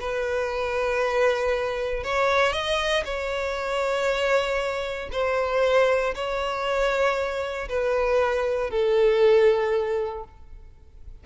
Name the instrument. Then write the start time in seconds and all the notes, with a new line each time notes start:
violin
0.00 B4
2.03 C#5
2.52 D#5
3.04 C#5
5.12 C5
6.14 C#5
7.69 B4
8.70 A4